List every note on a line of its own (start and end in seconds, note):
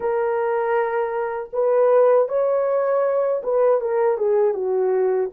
0.00 1.49 A#4
1.52 2.28 B4
2.28 3.42 C#5
3.43 3.80 B4
3.80 4.17 A#4
4.17 4.54 G#4
4.54 5.30 F#4